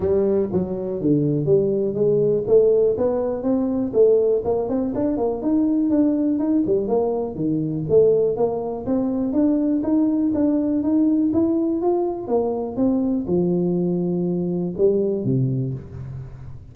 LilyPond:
\new Staff \with { instrumentName = "tuba" } { \time 4/4 \tempo 4 = 122 g4 fis4 d4 g4 | gis4 a4 b4 c'4 | a4 ais8 c'8 d'8 ais8 dis'4 | d'4 dis'8 g8 ais4 dis4 |
a4 ais4 c'4 d'4 | dis'4 d'4 dis'4 e'4 | f'4 ais4 c'4 f4~ | f2 g4 c4 | }